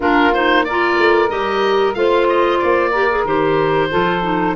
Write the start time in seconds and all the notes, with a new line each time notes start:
0.00 A#3 D4 F4 A#4
0.33 D#4 C5
0.64 F4 A#4 D5
0.98 A3
1.29 G3 G4 D#5
1.94 A3 F4 C5 F5
2.29 D#5
2.58 A#3 D5
2.90 G4 A#4
3.10 G#4
3.24 D#3 G4 C5
3.90 F3 F4 A4
4.22 D#4